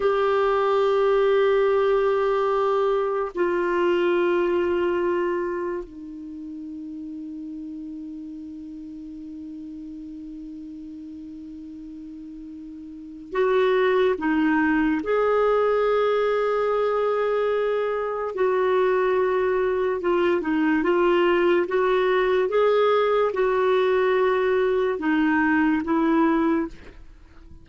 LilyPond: \new Staff \with { instrumentName = "clarinet" } { \time 4/4 \tempo 4 = 72 g'1 | f'2. dis'4~ | dis'1~ | dis'1 |
fis'4 dis'4 gis'2~ | gis'2 fis'2 | f'8 dis'8 f'4 fis'4 gis'4 | fis'2 dis'4 e'4 | }